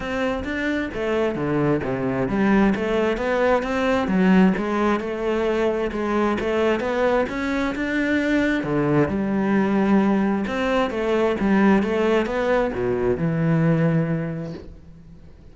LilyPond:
\new Staff \with { instrumentName = "cello" } { \time 4/4 \tempo 4 = 132 c'4 d'4 a4 d4 | c4 g4 a4 b4 | c'4 fis4 gis4 a4~ | a4 gis4 a4 b4 |
cis'4 d'2 d4 | g2. c'4 | a4 g4 a4 b4 | b,4 e2. | }